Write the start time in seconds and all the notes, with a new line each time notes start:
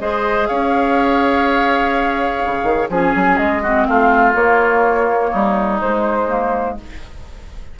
0.00 G#3 G#4 C5 D#5
0.46 C#4 C#5 F5
2.45 C#3
2.63 D#3
2.89 F3 C#4 G#4 G#5
3.15 F#3
3.37 G#3 D#5
3.62 C4 F#4
3.85 A3 F4 F5
4.32 A#3 C#5
5.30 G3 D#4
5.80 G#3 C5
6.28 A#3